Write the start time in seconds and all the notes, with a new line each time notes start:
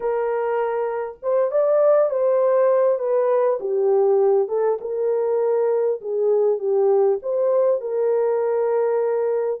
0.00 A#4
1.22 C5
1.51 D5
2.10 C5
2.98 B4
3.59 G4
4.48 A4
4.80 A#4
6.01 G#4
6.58 G4
7.22 C5
7.81 A#4